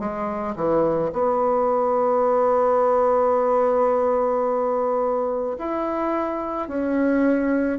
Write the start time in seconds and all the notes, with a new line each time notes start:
0.00 G#3
0.56 E3
1.13 B3
5.59 E4
6.69 C#4